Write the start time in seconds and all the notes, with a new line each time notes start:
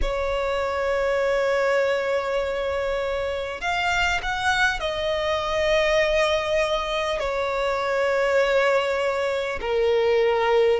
0.01 C#5
3.61 F5
4.22 F#5
4.79 D#5
7.19 C#5
9.61 A#4